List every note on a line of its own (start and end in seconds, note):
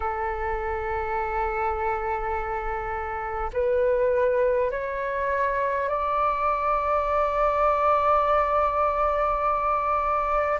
0.00 3.50 A4
3.53 4.71 B4
4.71 5.88 C#5
5.88 10.59 D5